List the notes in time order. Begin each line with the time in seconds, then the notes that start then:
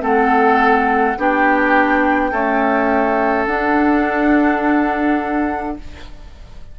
0.00 A3 C4 A4 F#5
1.17 B3 D4 G4 G5
2.31 A3 C#4 A4
3.46 D4 F#5